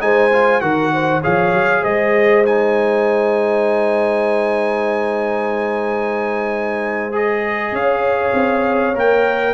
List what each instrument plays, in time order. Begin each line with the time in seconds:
0.00 tuba G#3, trombone D#4, horn C5, trumpet G#5
0.32 trombone F4
0.60 tuba D#3, trombone F#4, horn A#4, trumpet F#5
0.93 horn C5
1.21 tuba F3, trombone G#4, horn C#5, trumpet F5
1.53 tuba F#3
1.81 tuba G#3, horn C5, trumpet D#5
2.44 trombone D#4, trumpet G#5
7.12 trombone G#4, trumpet D#5
7.71 tuba C#4, horn C#5, trumpet F5
8.33 tuba C4
8.94 tuba A#3, trombone A#4, trumpet G5